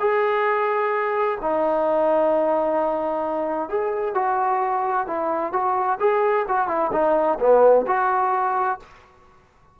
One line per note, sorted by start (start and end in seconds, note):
0.00 1.38 G#4
1.42 3.69 D#4
3.69 4.15 G#4
4.15 5.07 F#4
5.07 5.53 E4
5.53 5.99 F#4
6.00 6.46 G#4
6.49 6.68 F#4
6.68 6.91 E4
6.93 7.39 D#4
7.40 7.86 B3
7.88 8.80 F#4